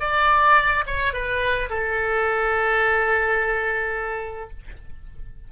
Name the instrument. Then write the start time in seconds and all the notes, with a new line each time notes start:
oboe
0.00 D5
0.86 C#5
1.13 B4
1.69 A4